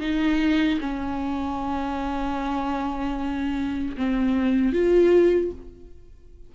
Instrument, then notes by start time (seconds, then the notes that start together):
viola
0.00 D#4
0.80 C#4
3.97 C4
4.73 F4